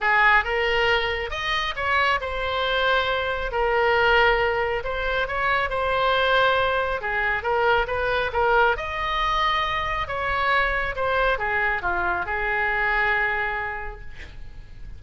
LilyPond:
\new Staff \with { instrumentName = "oboe" } { \time 4/4 \tempo 4 = 137 gis'4 ais'2 dis''4 | cis''4 c''2. | ais'2. c''4 | cis''4 c''2. |
gis'4 ais'4 b'4 ais'4 | dis''2. cis''4~ | cis''4 c''4 gis'4 f'4 | gis'1 | }